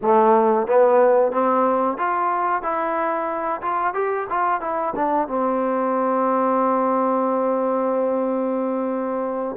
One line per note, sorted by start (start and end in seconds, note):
0.01 0.67 A3
0.67 1.32 B3
1.32 1.97 C4
1.97 2.62 F4
2.62 3.61 E4
3.61 3.94 F4
3.94 4.27 G4
4.29 4.61 F4
4.61 4.94 E4
4.95 5.27 D4
5.27 9.56 C4